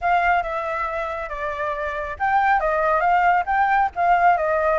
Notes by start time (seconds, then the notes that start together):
0.01 F5
0.42 E5
1.29 D5
2.19 G5
2.59 D#5
3.00 F5
3.46 G5
3.95 F5
4.37 D#5